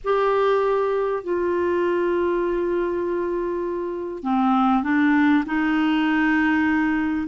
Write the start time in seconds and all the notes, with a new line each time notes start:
0.04 G4
1.23 F4
4.23 C4
4.83 D4
5.45 D#4